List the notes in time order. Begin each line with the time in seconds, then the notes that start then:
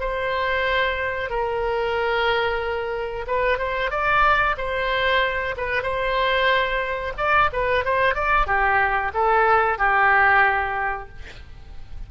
0.00 C5
1.30 A#4
3.27 B4
3.58 C5
3.91 D5
4.58 C5
5.57 B4
5.83 C5
7.18 D5
7.53 B4
7.85 C5
8.15 D5
8.47 G4
9.14 A4
9.79 G4